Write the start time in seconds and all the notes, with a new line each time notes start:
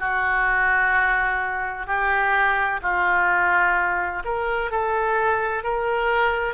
0.00 F#4
1.87 G4
2.83 F4
4.25 A#4
4.71 A4
5.63 A#4